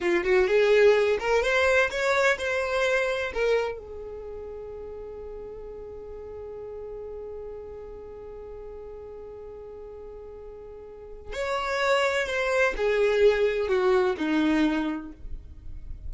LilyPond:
\new Staff \with { instrumentName = "violin" } { \time 4/4 \tempo 4 = 127 f'8 fis'8 gis'4. ais'8 c''4 | cis''4 c''2 ais'4 | gis'1~ | gis'1~ |
gis'1~ | gis'1 | cis''2 c''4 gis'4~ | gis'4 fis'4 dis'2 | }